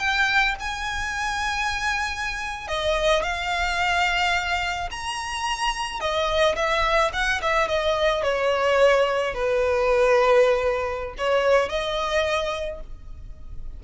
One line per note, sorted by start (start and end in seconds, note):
0.00 0.56 G5
0.60 2.68 G#5
2.68 3.23 D#5
3.23 4.90 F5
4.91 6.01 A#5
6.01 6.56 D#5
6.56 7.12 E5
7.13 7.41 F#5
7.42 7.69 E5
7.69 8.23 D#5
8.23 9.35 C#5
9.35 11.15 B4
11.18 11.69 C#5
11.69 12.80 D#5